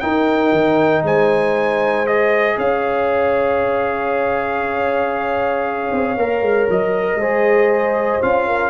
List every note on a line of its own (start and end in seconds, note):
0.00 2.07 D#4
0.00 0.52 D#4
0.00 1.05 A#4
0.00 1.03 G5
0.52 1.03 D#3
1.03 2.57 G#3
1.03 2.58 C5
1.03 2.07 G#5
2.07 6.18 G#4
2.07 2.58 D#5
2.58 5.91 C#4
2.58 7.20 C#5
2.58 6.70 F5
5.92 6.17 C4
6.17 6.42 A#3
6.17 7.22 A#4
6.42 6.68 G#3
6.70 7.16 F#3
6.70 8.23 D#5
7.16 8.18 G#3
7.16 8.22 G#4
7.16 8.48 C5
8.22 8.71 C#4
8.22 8.71 F4
8.22 8.71 F5
8.48 8.71 A#4